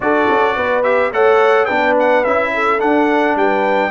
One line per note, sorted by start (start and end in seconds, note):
0.00 0.28 D4
0.00 0.83 F#4
0.00 0.55 A4
0.00 0.83 D5
0.29 0.56 C#4
0.55 1.12 B3
0.55 1.12 B4
0.83 1.11 G4
0.83 1.11 E5
1.12 1.68 A3
1.12 1.68 A4
1.12 1.66 C#5
1.12 1.65 F#5
1.65 2.26 B3
1.65 2.24 D4
1.65 2.50 B4
1.65 1.93 G5
1.99 2.24 F#5
2.24 2.81 C#4
2.24 2.79 E4
2.24 2.80 E5
2.54 3.38 A4
2.79 3.90 D4
2.79 3.35 D4
2.79 3.36 F#5
3.35 3.90 G3
3.35 3.90 B4
3.35 3.90 G5